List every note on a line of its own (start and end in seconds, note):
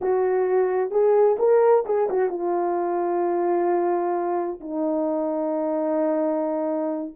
0.01 0.90 F#4
0.90 1.36 G#4
1.38 1.84 A#4
1.85 2.08 G#4
2.10 2.29 F#4
2.29 4.60 F4
4.60 7.14 D#4